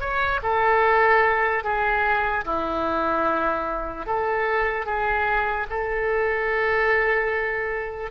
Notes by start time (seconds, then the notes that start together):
0.00 C#5
0.43 A4
1.64 G#4
2.45 E4
4.06 A4
4.85 G#4
5.70 A4